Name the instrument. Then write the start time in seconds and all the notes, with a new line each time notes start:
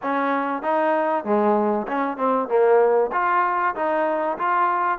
trombone
0.02 C#4
0.62 D#4
1.24 G#3
1.87 C#4
2.17 C4
2.48 A#3
3.12 F4
3.75 D#4
4.38 F4